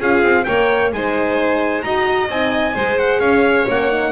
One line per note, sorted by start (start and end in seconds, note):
0.00 0.23 C#4
0.00 0.47 F4
0.00 0.46 G#4
0.00 0.45 F5
0.23 0.46 C4
0.45 0.93 A#3
0.45 0.94 A#4
0.45 0.93 C#5
0.45 0.90 G5
0.93 1.84 G#3
0.93 1.84 D#4
0.93 1.85 C5
0.93 1.82 G#5
1.82 2.29 D#4
1.82 2.30 F#4
1.82 2.75 D#5
1.82 2.28 A#5
2.29 2.75 C4
2.29 2.77 D#4
2.29 2.99 G#5
2.75 3.20 G#3
2.75 3.69 G#4
2.75 3.20 C5
2.99 3.21 F#5
3.20 3.66 C#4
3.20 4.12 C#5
3.20 3.67 F5
3.69 4.12 A#3
3.69 3.91 C#4
3.69 4.12 F#5
3.91 4.12 D#4